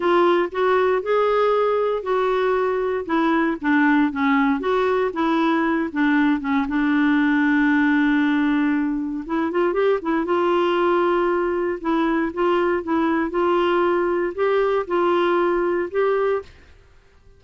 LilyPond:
\new Staff \with { instrumentName = "clarinet" } { \time 4/4 \tempo 4 = 117 f'4 fis'4 gis'2 | fis'2 e'4 d'4 | cis'4 fis'4 e'4. d'8~ | d'8 cis'8 d'2.~ |
d'2 e'8 f'8 g'8 e'8 | f'2. e'4 | f'4 e'4 f'2 | g'4 f'2 g'4 | }